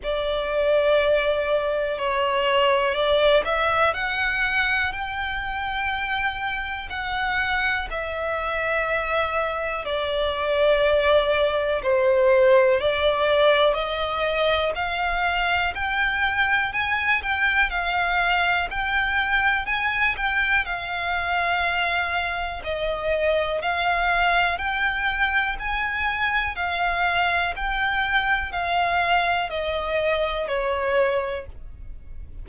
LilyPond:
\new Staff \with { instrumentName = "violin" } { \time 4/4 \tempo 4 = 61 d''2 cis''4 d''8 e''8 | fis''4 g''2 fis''4 | e''2 d''2 | c''4 d''4 dis''4 f''4 |
g''4 gis''8 g''8 f''4 g''4 | gis''8 g''8 f''2 dis''4 | f''4 g''4 gis''4 f''4 | g''4 f''4 dis''4 cis''4 | }